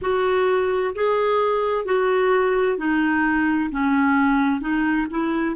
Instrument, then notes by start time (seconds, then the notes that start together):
clarinet
0.01 F#4
0.95 G#4
1.85 F#4
2.77 D#4
3.71 C#4
4.60 D#4
5.10 E4